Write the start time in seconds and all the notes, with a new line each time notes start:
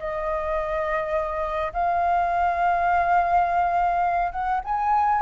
0.00 D#5
1.74 F5
4.32 F#5
4.65 G#5